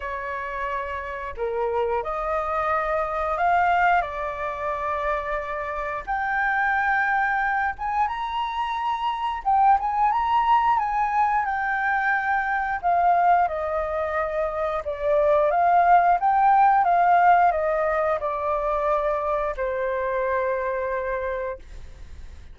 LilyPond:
\new Staff \with { instrumentName = "flute" } { \time 4/4 \tempo 4 = 89 cis''2 ais'4 dis''4~ | dis''4 f''4 d''2~ | d''4 g''2~ g''8 gis''8 | ais''2 g''8 gis''8 ais''4 |
gis''4 g''2 f''4 | dis''2 d''4 f''4 | g''4 f''4 dis''4 d''4~ | d''4 c''2. | }